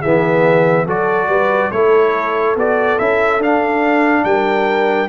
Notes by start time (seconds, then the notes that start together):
0.00 E3 B3 G#4 E5
0.86 F#3 F#4 A4 D5
1.28 G3 B4
1.71 A3 E4 A4 C#5
2.56 B3 F#4 D5
2.99 C#4 E4 E5
3.39 D4 F5
4.24 G3 A#4 G5